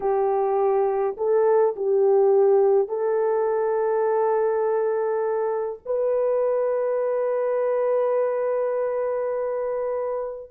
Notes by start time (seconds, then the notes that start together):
0.00 G4
1.17 A4
1.76 G4
2.88 A4
5.85 B4